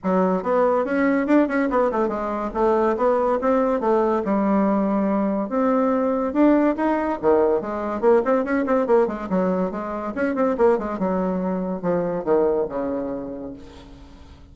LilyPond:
\new Staff \with { instrumentName = "bassoon" } { \time 4/4 \tempo 4 = 142 fis4 b4 cis'4 d'8 cis'8 | b8 a8 gis4 a4 b4 | c'4 a4 g2~ | g4 c'2 d'4 |
dis'4 dis4 gis4 ais8 c'8 | cis'8 c'8 ais8 gis8 fis4 gis4 | cis'8 c'8 ais8 gis8 fis2 | f4 dis4 cis2 | }